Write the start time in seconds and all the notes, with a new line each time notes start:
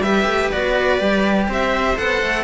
0.00 G3 G4 B4 E5
0.26 A3
0.51 B3 F#4 D5
0.98 G3 G4
1.48 C4 C5 E5
1.95 B3 A4 F#5
2.22 A3